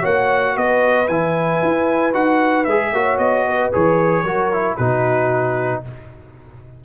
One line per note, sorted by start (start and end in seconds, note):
0.00 0.56 A#3
0.00 1.07 F#4
0.00 0.53 C#5
0.00 0.57 F#5
0.56 1.08 B3
0.56 2.93 B4
0.56 1.07 D#5
1.07 1.61 E3
1.07 2.13 E4
1.07 2.13 G#5
1.62 2.14 E4
2.13 2.66 D#4
2.13 2.65 F#4
2.13 2.64 F#5
2.64 2.92 G#3
2.64 2.94 G#4
2.64 3.17 E5
2.92 3.18 A#3
2.92 3.72 F#4
2.92 3.46 C#5
3.18 3.70 B3
3.18 3.70 D#5
3.47 4.23 B4
3.72 4.23 E3
3.72 4.25 G#4
3.72 4.76 C#5
4.23 4.75 F#3
4.23 4.52 F#4
4.23 4.76 A#4
4.52 4.78 E4
4.76 5.83 B2
4.76 5.84 D#4
4.76 5.81 F#4
4.76 5.81 B4